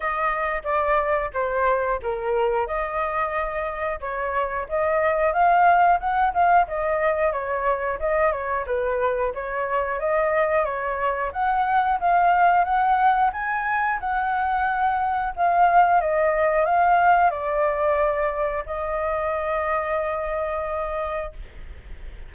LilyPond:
\new Staff \with { instrumentName = "flute" } { \time 4/4 \tempo 4 = 90 dis''4 d''4 c''4 ais'4 | dis''2 cis''4 dis''4 | f''4 fis''8 f''8 dis''4 cis''4 | dis''8 cis''8 b'4 cis''4 dis''4 |
cis''4 fis''4 f''4 fis''4 | gis''4 fis''2 f''4 | dis''4 f''4 d''2 | dis''1 | }